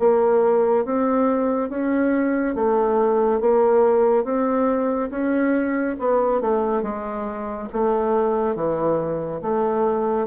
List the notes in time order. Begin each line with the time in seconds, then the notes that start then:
0.00 A#3
0.85 C4
1.70 C#4
2.56 A3
3.41 A#3
4.25 C4
5.11 C#4
6.00 B3
6.42 A3
6.83 G#3
7.73 A3
8.56 E3
9.42 A3